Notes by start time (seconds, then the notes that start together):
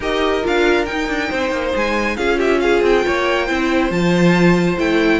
0.00 D#4 G4 A#4 D#5
0.42 D4 F4 F5
0.85 D#4 G5
1.08 D4
1.29 C4 C5
1.51 A#3
1.75 G#3 G#5
2.17 C#4 F4 G#4 F5
2.37 G4 E5
2.60 G#4 F5
2.81 C4 G5
3.06 A#3 C#5
3.45 C4 E4 C5
3.90 F3 F4 A5
4.78 A3 E4 G5